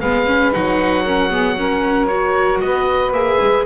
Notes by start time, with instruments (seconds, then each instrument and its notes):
0.00 double bass G#3, viola B3, saxophone B4, oboe F5
0.26 viola C#4
0.52 double bass F#3, viola D#4, oboe F#5
1.04 viola C#4, saxophone A#4
1.29 viola B3, saxophone G#4
1.58 viola C#4, saxophone A#4
2.07 viola F#4, oboe C#5
2.60 double bass B3, saxophone B4, oboe D#5
3.12 double bass A#3, viola G#4, oboe E5
3.41 double bass G#3